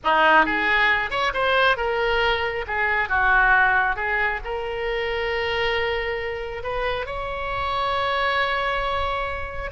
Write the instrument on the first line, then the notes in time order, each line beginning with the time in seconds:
oboe
0.04 D#4
0.45 G#4
1.10 C#5
1.33 C5
1.76 A#4
2.67 G#4
3.08 F#4
3.96 G#4
4.44 A#4
6.63 B4
7.06 C#5